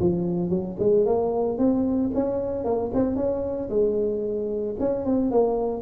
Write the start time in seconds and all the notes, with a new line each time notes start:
0.00 F3
0.50 F#3
0.79 G#3
1.06 A#3
1.58 C4
2.14 C#4
2.64 A#3
2.94 C4
3.16 C#4
3.70 G#3
4.80 C#4
5.05 C4
5.31 A#3